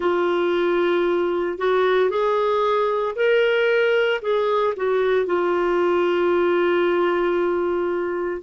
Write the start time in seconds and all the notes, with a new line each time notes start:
0.00 F4
1.58 F#4
2.10 G#4
3.15 A#4
4.21 G#4
4.76 F#4
5.26 F4